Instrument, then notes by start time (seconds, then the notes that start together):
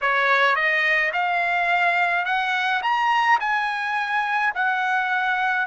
trumpet
0.01 C#5
0.55 D#5
1.12 F5
2.25 F#5
2.82 A#5
3.40 G#5
4.54 F#5